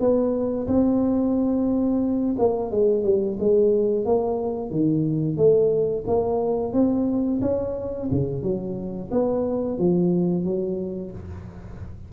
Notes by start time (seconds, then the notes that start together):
0.00 B3
0.68 C4
2.39 A#3
2.71 G#3
3.04 G3
3.40 G#3
4.06 A#3
4.71 D#3
5.37 A3
6.07 A#3
6.73 C4
7.42 C#4
8.11 C#3
8.43 F#3
9.11 B3
9.78 F3
10.44 F#3